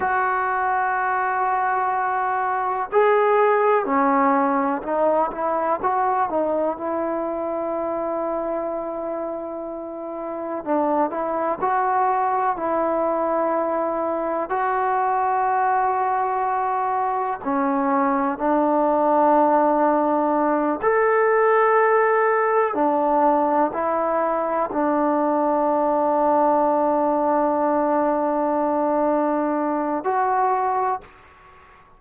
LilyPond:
\new Staff \with { instrumentName = "trombone" } { \time 4/4 \tempo 4 = 62 fis'2. gis'4 | cis'4 dis'8 e'8 fis'8 dis'8 e'4~ | e'2. d'8 e'8 | fis'4 e'2 fis'4~ |
fis'2 cis'4 d'4~ | d'4. a'2 d'8~ | d'8 e'4 d'2~ d'8~ | d'2. fis'4 | }